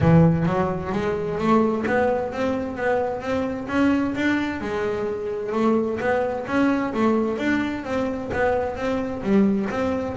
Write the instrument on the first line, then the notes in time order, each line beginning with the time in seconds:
double bass
0.00 E3
0.46 F#3
0.92 G#3
1.38 A3
1.86 B3
2.32 C4
2.77 B3
3.21 C4
3.68 C#4
4.15 D4
4.60 G#3
5.52 A3
6.00 B3
6.47 C#4
6.93 A3
7.38 D4
7.84 C4
8.33 B3
8.75 C4
9.22 G3
9.70 C4